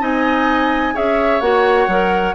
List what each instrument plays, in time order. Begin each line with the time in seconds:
0.00 bassoon C4, clarinet D#4, oboe D#5, flute G#5
0.94 bassoon C#4, clarinet G#4, oboe C#5, flute E5
1.40 bassoon A#3, clarinet F#4, flute F#5
1.87 bassoon F#3, clarinet A#4